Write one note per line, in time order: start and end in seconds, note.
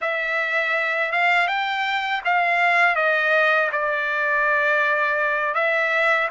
0.01 1.12 E5
1.12 1.47 F5
1.47 2.21 G5
2.24 2.95 F5
2.95 3.69 D#5
3.71 5.54 D5
5.54 6.28 E5